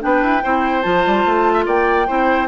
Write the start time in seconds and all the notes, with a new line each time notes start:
0.00 B3 D4 B4 G5
0.23 E4
0.44 C4 E4 C5
0.82 F3 F4 A5
1.07 G3
1.26 A3
1.54 E5
1.66 A#3 D5 G5
2.07 C4 E4 C5